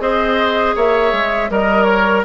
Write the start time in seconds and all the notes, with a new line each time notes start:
0.00 C4 G#4 C5 D#5
0.76 A#3 C#5 E5
1.13 G#3
1.50 G3 A#4 D#5
1.84 C#5